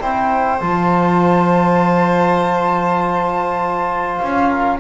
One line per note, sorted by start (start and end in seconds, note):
0.00 0.61 C4
0.00 0.60 E4
0.00 4.49 C5
0.00 0.60 G5
0.60 4.21 F3
0.60 4.81 F4
0.60 4.18 A5
4.18 4.81 C#4
4.18 4.78 F5
4.49 4.79 A#4